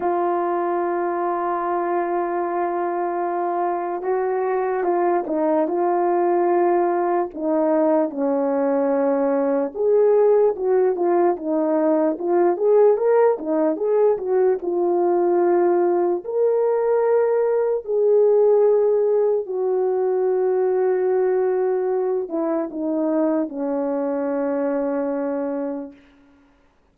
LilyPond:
\new Staff \with { instrumentName = "horn" } { \time 4/4 \tempo 4 = 74 f'1~ | f'4 fis'4 f'8 dis'8 f'4~ | f'4 dis'4 cis'2 | gis'4 fis'8 f'8 dis'4 f'8 gis'8 |
ais'8 dis'8 gis'8 fis'8 f'2 | ais'2 gis'2 | fis'2.~ fis'8 e'8 | dis'4 cis'2. | }